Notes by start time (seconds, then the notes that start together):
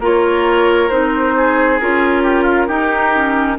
0.00 A#3 F4 A#4 C#5
0.90 C4 D#4 C5
1.37 G#4
1.80 C#4 F4 A#4
2.24 G4
2.44 F4
2.68 D#4 G4
3.14 C#4